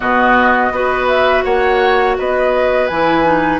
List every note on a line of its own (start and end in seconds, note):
0.00 0.71 B2
0.00 0.72 B3
0.00 0.72 F#4
0.00 1.06 D#5
0.71 1.43 B3
0.71 2.90 F#4
0.71 1.44 B4
1.07 1.43 E5
1.44 2.17 A#3
1.44 2.16 C#5
1.44 2.16 F#5
2.18 2.90 B3
2.18 3.59 B4
2.18 2.87 D#5
2.87 3.59 E3
2.87 3.23 E4
2.87 3.59 G#5
3.23 3.59 D#4